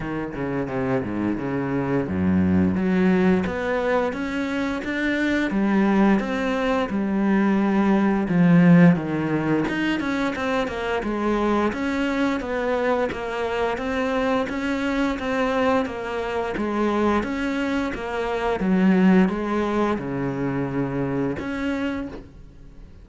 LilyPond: \new Staff \with { instrumentName = "cello" } { \time 4/4 \tempo 4 = 87 dis8 cis8 c8 gis,8 cis4 fis,4 | fis4 b4 cis'4 d'4 | g4 c'4 g2 | f4 dis4 dis'8 cis'8 c'8 ais8 |
gis4 cis'4 b4 ais4 | c'4 cis'4 c'4 ais4 | gis4 cis'4 ais4 fis4 | gis4 cis2 cis'4 | }